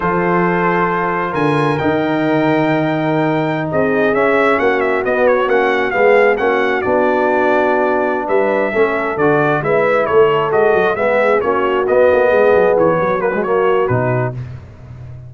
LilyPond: <<
  \new Staff \with { instrumentName = "trumpet" } { \time 4/4 \tempo 4 = 134 c''2. gis''4 | g''1~ | g''16 dis''4 e''4 fis''8 e''8 dis''8 cis''16~ | cis''16 fis''4 f''4 fis''4 d''8.~ |
d''2~ d''8 e''4.~ | e''8 d''4 e''4 cis''4 dis''8~ | dis''8 e''4 cis''4 dis''4.~ | dis''8 cis''4 b'8 cis''4 b'4 | }
  \new Staff \with { instrumentName = "horn" } { \time 4/4 a'2. ais'4~ | ais'1~ | ais'16 gis'2 fis'4.~ fis'16~ | fis'4~ fis'16 gis'4 fis'4.~ fis'16~ |
fis'2~ fis'8 b'4 a'8~ | a'4. b'4 a'4.~ | a'8 gis'4 fis'2 gis'8~ | gis'4 fis'2. | }
  \new Staff \with { instrumentName = "trombone" } { \time 4/4 f'1 | dis'1~ | dis'4~ dis'16 cis'2 b8.~ | b16 cis'4 b4 cis'4 d'8.~ |
d'2.~ d'8 cis'8~ | cis'8 fis'4 e'2 fis'8~ | fis'8 b4 cis'4 b4.~ | b4. ais16 gis16 ais4 dis'4 | }
  \new Staff \with { instrumentName = "tuba" } { \time 4/4 f2. d4 | dis1~ | dis16 c'4 cis'4 ais4 b8.~ | b16 ais4 gis4 ais4 b8.~ |
b2~ b8 g4 a8~ | a8 d4 gis4 a4 gis8 | fis8 gis4 ais4 b8 ais8 gis8 | fis8 e8 fis2 b,4 | }
>>